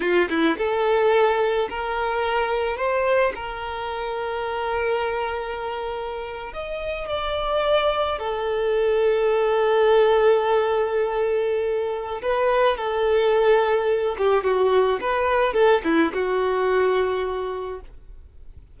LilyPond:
\new Staff \with { instrumentName = "violin" } { \time 4/4 \tempo 4 = 108 f'8 e'8 a'2 ais'4~ | ais'4 c''4 ais'2~ | ais'2.~ ais'8. dis''16~ | dis''8. d''2 a'4~ a'16~ |
a'1~ | a'2 b'4 a'4~ | a'4. g'8 fis'4 b'4 | a'8 e'8 fis'2. | }